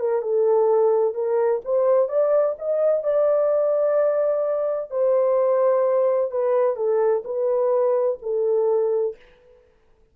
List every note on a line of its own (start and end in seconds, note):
0.00 0.22 A#4
0.22 1.14 A4
1.14 1.61 A#4
1.65 2.09 C5
2.09 2.56 D5
2.59 3.03 D#5
3.03 4.91 D5
4.91 6.32 C5
6.32 6.77 B4
6.77 7.24 A4
7.25 8.19 B4
8.22 9.16 A4